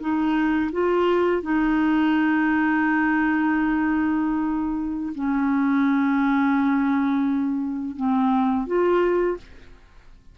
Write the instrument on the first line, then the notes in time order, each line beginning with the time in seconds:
clarinet
0.00 D#4
0.72 F4
1.42 D#4
5.15 C#4
7.96 C4
8.66 F4